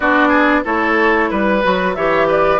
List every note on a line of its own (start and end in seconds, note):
0.00 0.64 B3
0.00 0.64 D4
0.00 0.28 F#4
0.00 0.64 D5
0.28 0.60 G#4
0.64 1.31 A3
0.64 1.62 E4
0.64 1.30 A4
0.64 1.30 C#5
1.30 1.63 G3
1.30 1.95 B4
1.63 1.96 F#3
1.63 1.96 F#4
1.95 2.59 E3
1.95 2.59 G4
1.95 2.27 C#5
1.95 2.27 E5
2.27 2.59 B4
2.27 2.59 D5